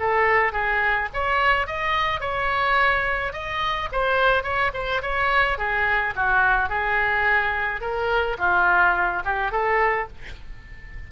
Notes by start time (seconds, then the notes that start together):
0.00 A4
0.53 G#4
1.14 C#5
1.67 D#5
2.21 C#5
3.33 D#5
3.92 C5
4.44 C#5
4.74 C5
5.03 C#5
5.59 G#4
6.16 F#4
6.70 G#4
7.81 A#4
8.39 F4
9.25 G4
9.52 A4